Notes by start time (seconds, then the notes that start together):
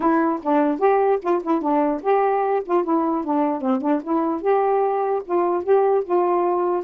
0.00 E4
0.42 D4
0.79 G4
1.22 F4
1.43 E4
1.61 D4
2.02 G4
2.65 F4
2.84 E4
3.24 D4
3.61 C4
3.81 D4
4.03 E4
4.41 G4
5.25 F4
5.63 G4
6.04 F4